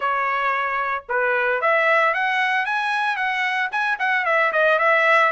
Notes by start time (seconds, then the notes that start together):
0.00 C#5
1.09 B4
1.61 E5
2.14 F#5
2.65 G#5
3.16 F#5
3.71 G#5
3.99 F#5
4.25 E5
4.52 D#5
4.78 E5